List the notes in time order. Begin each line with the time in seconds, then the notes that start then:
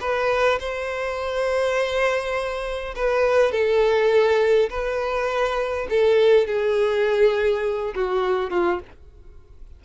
0.00 B4
0.59 C5
2.95 B4
3.52 A4
4.70 B4
5.90 A4
6.47 G#4
7.95 F#4
8.50 F4